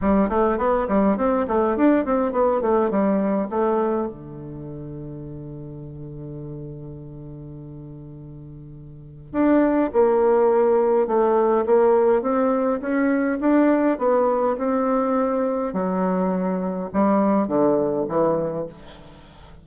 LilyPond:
\new Staff \with { instrumentName = "bassoon" } { \time 4/4 \tempo 4 = 103 g8 a8 b8 g8 c'8 a8 d'8 c'8 | b8 a8 g4 a4 d4~ | d1~ | d1 |
d'4 ais2 a4 | ais4 c'4 cis'4 d'4 | b4 c'2 fis4~ | fis4 g4 d4 e4 | }